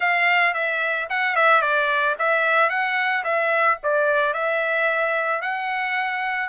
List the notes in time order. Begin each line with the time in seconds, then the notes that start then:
0.00 F5
0.54 E5
1.09 F#5
1.35 E5
1.61 D5
2.18 E5
2.69 F#5
3.24 E5
3.83 D5
4.33 E5
5.41 F#5